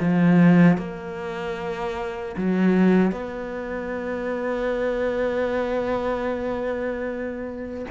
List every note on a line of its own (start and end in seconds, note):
0.00 0.78 F3
0.78 2.36 A#3
2.37 3.12 F#3
3.12 7.86 B3